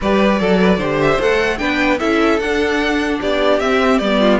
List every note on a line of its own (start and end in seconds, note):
0.01 0.40 G3
0.01 0.40 G4
0.01 0.40 B4
0.01 1.00 D5
0.40 0.77 F#3
0.40 0.60 A4
0.40 0.80 A4
0.60 0.78 B4
0.77 1.17 D3
0.77 1.20 G4
0.77 1.58 C5
1.00 1.20 E5
1.20 1.60 A3
1.20 1.58 A4
1.20 1.58 F#5
1.58 2.00 B3
1.58 1.98 D4
1.58 1.99 B4
1.58 1.98 G5
1.99 2.39 C#4
1.99 2.39 E4
1.99 3.19 A4
1.99 2.39 E5
2.39 3.19 D4
2.39 3.61 D4
2.39 3.19 F#5
3.20 3.60 B3
3.20 4.20 G4
3.20 3.59 D5
3.59 4.00 C4
3.59 4.01 C4
3.59 3.98 E5
3.98 4.40 G3
3.98 4.40 B3
3.98 4.38 D5
4.20 4.40 F4